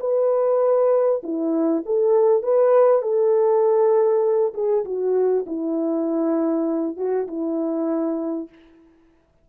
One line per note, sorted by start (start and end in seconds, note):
0.00 1.21 B4
1.23 1.83 E4
1.85 2.43 A4
2.43 3.02 B4
3.02 4.53 A4
4.54 4.84 G#4
4.85 5.45 F#4
5.46 6.97 E4
6.97 7.27 F#4
7.27 8.48 E4